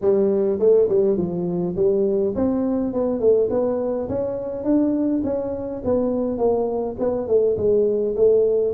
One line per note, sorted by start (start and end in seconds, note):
0.01 0.59 G3
0.59 0.88 A3
0.88 1.17 G3
1.17 1.75 F3
1.76 2.34 G3
2.35 2.93 C4
2.93 3.19 B3
3.19 3.48 A3
3.50 4.08 B3
4.09 4.64 C#4
4.64 5.22 D4
5.24 5.82 C#4
5.84 6.38 B3
6.38 6.96 A#3
6.99 7.27 B3
7.27 7.56 A3
7.57 8.15 G#3
8.16 8.74 A3